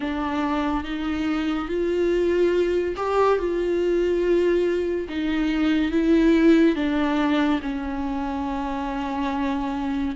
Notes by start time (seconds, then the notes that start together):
0.00 D4
0.84 D#4
1.68 F4
2.96 G4
3.38 F4
5.09 D#4
5.92 E4
6.75 D4
7.62 C#4